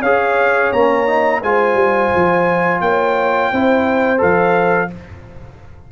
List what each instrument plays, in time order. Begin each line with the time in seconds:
0.00 tuba C#4, trombone G#4, horn C#5, trumpet F5
0.72 tuba A#3, trombone C#4, trumpet A#5
1.07 trombone D#4
1.42 tuba G#3, trombone F4, horn C5, trumpet G#5
1.74 tuba G3
2.15 tuba F3
2.81 tuba A#3, horn C#5, trumpet G5
3.52 tuba C4, trombone E4, horn C5
4.18 tuba F3, trombone A4, trumpet F5